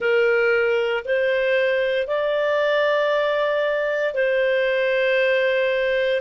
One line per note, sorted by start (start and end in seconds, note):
0.00 1.03 A#4
1.04 2.07 C5
2.07 4.14 D5
4.14 6.21 C5